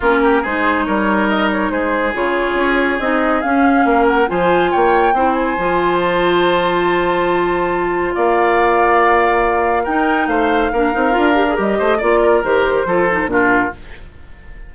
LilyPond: <<
  \new Staff \with { instrumentName = "flute" } { \time 4/4 \tempo 4 = 140 ais'4 c''4 cis''4 dis''8 cis''8 | c''4 cis''2 dis''4 | f''4. fis''8 gis''4 g''4~ | g''8 gis''4. a''2~ |
a''2. f''4~ | f''2. g''4 | f''2. dis''4 | d''4 c''2 ais'4 | }
  \new Staff \with { instrumentName = "oboe" } { \time 4/4 f'8 g'8 gis'4 ais'2 | gis'1~ | gis'4 ais'4 c''4 cis''4 | c''1~ |
c''2. d''4~ | d''2. ais'4 | c''4 ais'2~ ais'8 c''8 | d''8 ais'4. a'4 f'4 | }
  \new Staff \with { instrumentName = "clarinet" } { \time 4/4 cis'4 dis'2.~ | dis'4 f'2 dis'4 | cis'2 f'2 | e'4 f'2.~ |
f'1~ | f'2. dis'4~ | dis'4 d'8 dis'8 f'8 g'16 gis'16 g'4 | f'4 g'4 f'8 dis'8 d'4 | }
  \new Staff \with { instrumentName = "bassoon" } { \time 4/4 ais4 gis4 g2 | gis4 cis4 cis'4 c'4 | cis'4 ais4 f4 ais4 | c'4 f2.~ |
f2. ais4~ | ais2. dis'4 | a4 ais8 c'8 d'4 g8 a8 | ais4 dis4 f4 ais,4 | }
>>